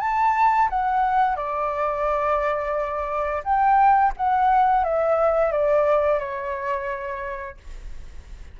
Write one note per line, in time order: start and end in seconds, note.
0.00 0.69 A5
0.70 1.36 F#5
1.36 3.43 D5
3.44 4.13 G5
4.17 4.84 F#5
4.84 5.52 E5
5.52 6.19 D5
6.19 7.57 C#5